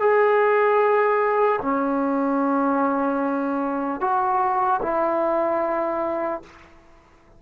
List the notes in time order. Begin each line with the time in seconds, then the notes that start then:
0.00 G#4
1.61 C#4
4.01 F#4
4.83 E4